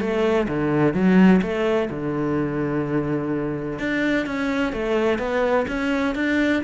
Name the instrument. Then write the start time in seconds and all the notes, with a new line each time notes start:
cello
0.00 A3
0.48 D3
0.93 F#3
1.41 A3
1.90 D3
3.79 D4
4.26 C#4
4.72 A3
5.18 B3
5.67 C#4
6.15 D4